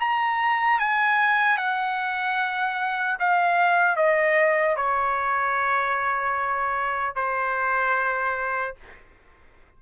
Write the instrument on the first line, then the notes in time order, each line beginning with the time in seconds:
trumpet
0.00 A#5
0.80 G#5
1.57 F#5
3.20 F5
3.96 D#5
4.76 C#5
7.15 C5